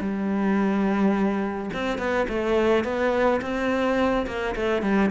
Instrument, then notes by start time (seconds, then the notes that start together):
cello
0.00 G3
1.73 C4
1.98 B3
2.28 A3
2.84 B3
3.41 C4
4.26 A#3
4.55 A3
4.82 G3